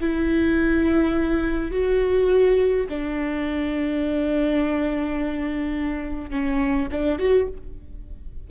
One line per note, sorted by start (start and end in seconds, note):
0.00 1.71 E4
1.71 2.86 F#4
2.89 6.30 D4
6.30 6.88 C#4
6.91 7.18 D4
7.18 7.47 F#4